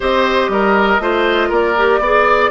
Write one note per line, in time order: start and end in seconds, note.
0.00 0.48 C4
0.00 1.00 G4
0.00 0.50 C5
0.00 1.53 D#5
0.48 0.98 G3
0.48 1.02 A#4
0.99 1.49 A3
0.99 1.76 F4
0.99 1.48 C5
1.48 1.99 A#3
1.48 1.99 A#4
1.48 2.51 D5
1.77 2.02 G4
1.99 2.50 B3
1.99 2.51 G#4
1.99 2.51 D5